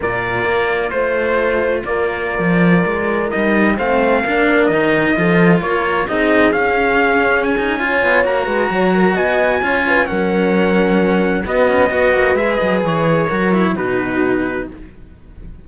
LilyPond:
<<
  \new Staff \with { instrumentName = "trumpet" } { \time 4/4 \tempo 4 = 131 d''2 c''2 | d''2.~ d''16 dis''8.~ | dis''16 f''2 dis''4.~ dis''16~ | dis''16 cis''4 dis''4 f''4.~ f''16~ |
f''16 gis''4.~ gis''16 ais''2 | gis''2 fis''2~ | fis''4 dis''2 e''8 dis''8 | cis''2 b'2 | }
  \new Staff \with { instrumentName = "horn" } { \time 4/4 ais'2 c''2 | ais'1~ | ais'16 c''4 ais'2 a'8.~ | a'16 ais'4 gis'2~ gis'8.~ |
gis'4 cis''4. b'8 cis''8 ais'8 | dis''4 cis''8 b'8 ais'2~ | ais'4 fis'4 b'2~ | b'4 ais'4 fis'2 | }
  \new Staff \with { instrumentName = "cello" } { \time 4/4 f'1~ | f'2.~ f'16 dis'8.~ | dis'16 c'4 d'4 dis'4 f'8.~ | f'4~ f'16 dis'4 cis'4.~ cis'16~ |
cis'8 dis'8 f'4 fis'2~ | fis'4 f'4 cis'2~ | cis'4 b4 fis'4 gis'4~ | gis'4 fis'8 e'8 dis'2 | }
  \new Staff \with { instrumentName = "cello" } { \time 4/4 ais,4 ais4 a2 | ais4~ ais16 f4 gis4 g8.~ | g16 a4 ais4 dis4 f8.~ | f16 ais4 c'4 cis'4.~ cis'16~ |
cis'4. b8 ais8 gis8 fis4 | b4 cis'4 fis2~ | fis4 b8 cis'8 b8 ais8 gis8 fis8 | e4 fis4 b,2 | }
>>